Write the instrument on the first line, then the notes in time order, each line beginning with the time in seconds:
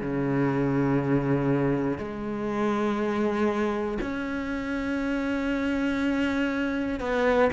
cello
0.00 C#3
1.97 G#3
4.00 C#4
7.00 B3